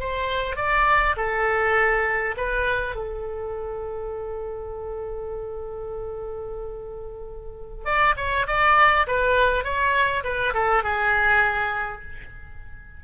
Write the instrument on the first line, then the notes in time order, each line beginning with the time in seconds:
oboe
0.00 C5
0.56 D5
1.17 A4
2.37 B4
2.95 A4
7.85 D5
8.17 C#5
8.47 D5
9.07 B4
9.64 C#5
10.24 B4
10.54 A4
10.83 G#4